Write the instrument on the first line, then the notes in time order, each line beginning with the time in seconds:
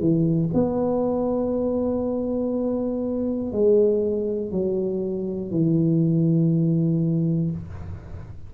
tuba
0.00 E3
0.54 B3
3.52 G#3
4.52 F#3
5.51 E3